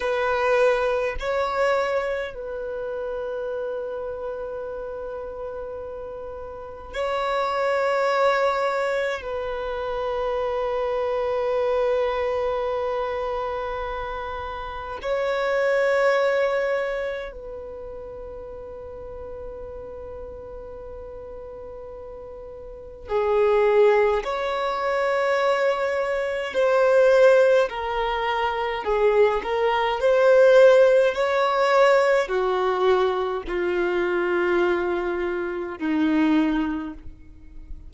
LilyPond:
\new Staff \with { instrumentName = "violin" } { \time 4/4 \tempo 4 = 52 b'4 cis''4 b'2~ | b'2 cis''2 | b'1~ | b'4 cis''2 b'4~ |
b'1 | gis'4 cis''2 c''4 | ais'4 gis'8 ais'8 c''4 cis''4 | fis'4 f'2 dis'4 | }